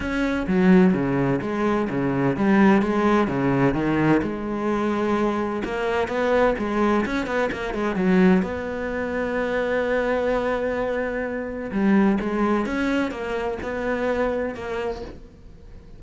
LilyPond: \new Staff \with { instrumentName = "cello" } { \time 4/4 \tempo 4 = 128 cis'4 fis4 cis4 gis4 | cis4 g4 gis4 cis4 | dis4 gis2. | ais4 b4 gis4 cis'8 b8 |
ais8 gis8 fis4 b2~ | b1~ | b4 g4 gis4 cis'4 | ais4 b2 ais4 | }